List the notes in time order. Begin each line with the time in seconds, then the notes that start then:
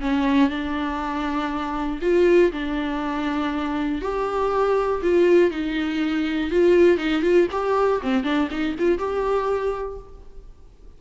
0.00 C#4
0.49 D4
2.01 F4
2.52 D4
4.01 G4
5.02 F4
5.50 D#4
6.50 F4
6.97 D#4
7.22 F4
7.51 G4
8.02 C4
8.23 D4
8.50 D#4
8.78 F4
8.98 G4